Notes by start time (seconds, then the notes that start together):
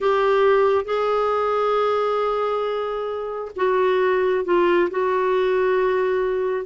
0.00 G4
0.84 G#4
3.56 F#4
4.44 F4
4.90 F#4